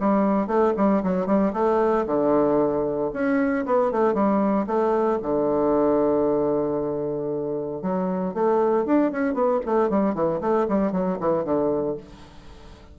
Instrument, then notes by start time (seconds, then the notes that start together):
bassoon
0.00 G3
0.47 A3
0.77 G3
1.03 F#3
1.27 G3
1.53 A3
2.07 D3
3.13 C#4
3.66 B3
3.92 A3
4.14 G3
4.67 A3
5.22 D3
7.82 F#3
8.34 A3
8.86 D4
9.12 C#4
9.34 B3
9.66 A3
9.90 G3
10.14 E3
10.41 A3
10.68 G3
10.92 F#3
11.20 E3
11.45 D3